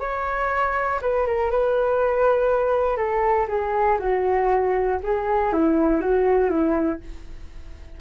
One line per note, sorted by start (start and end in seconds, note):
0.00 1.00 C#5
1.02 1.26 B4
1.26 1.50 A#4
1.50 2.97 B4
2.97 3.47 A4
3.48 3.98 G#4
3.99 4.99 F#4
5.03 5.53 G#4
5.53 6.00 E4
6.00 6.50 F#4
6.50 7.00 E4